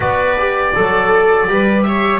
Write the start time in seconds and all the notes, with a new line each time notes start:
0.00 B3 F#4 B4 D5
0.38 G4
0.75 F#3 A4
1.47 G3 G4 B4
1.82 C#5 E5